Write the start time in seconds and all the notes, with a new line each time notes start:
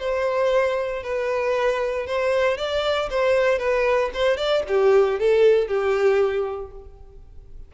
0.00 C5
1.04 B4
2.07 C5
2.58 D5
3.11 C5
3.59 B4
4.14 C5
4.38 D5
4.68 G4
5.20 A4
5.68 G4